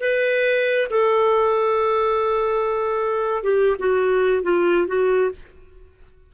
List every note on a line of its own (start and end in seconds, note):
0.00 0.88 B4
0.90 3.43 A4
3.43 3.76 G4
3.79 4.43 F#4
4.43 4.87 F4
4.87 5.31 F#4